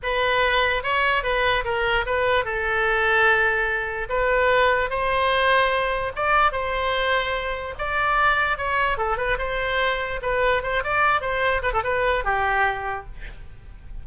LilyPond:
\new Staff \with { instrumentName = "oboe" } { \time 4/4 \tempo 4 = 147 b'2 cis''4 b'4 | ais'4 b'4 a'2~ | a'2 b'2 | c''2. d''4 |
c''2. d''4~ | d''4 cis''4 a'8 b'8 c''4~ | c''4 b'4 c''8 d''4 c''8~ | c''8 b'16 a'16 b'4 g'2 | }